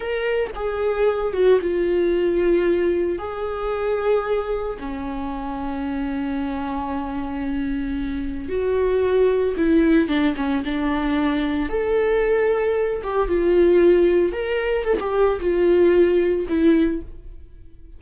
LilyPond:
\new Staff \with { instrumentName = "viola" } { \time 4/4 \tempo 4 = 113 ais'4 gis'4. fis'8 f'4~ | f'2 gis'2~ | gis'4 cis'2.~ | cis'1 |
fis'2 e'4 d'8 cis'8 | d'2 a'2~ | a'8 g'8 f'2 ais'4 | a'16 g'8. f'2 e'4 | }